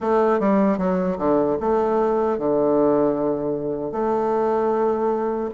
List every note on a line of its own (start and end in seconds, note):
0.00 0.39 A3
0.39 0.78 G3
0.78 1.17 F#3
1.18 1.57 D3
1.60 2.38 A3
2.38 3.92 D3
3.92 5.50 A3